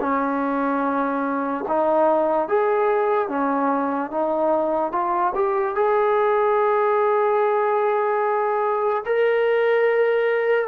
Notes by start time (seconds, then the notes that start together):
0.00 C#4
1.68 D#4
2.48 G#4
3.28 C#4
4.11 D#4
4.92 F4
5.34 G4
5.75 G#4
9.05 A#4